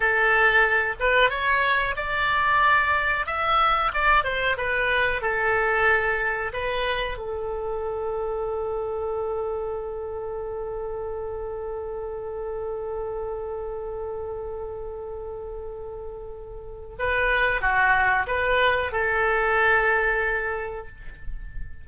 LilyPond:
\new Staff \with { instrumentName = "oboe" } { \time 4/4 \tempo 4 = 92 a'4. b'8 cis''4 d''4~ | d''4 e''4 d''8 c''8 b'4 | a'2 b'4 a'4~ | a'1~ |
a'1~ | a'1~ | a'2 b'4 fis'4 | b'4 a'2. | }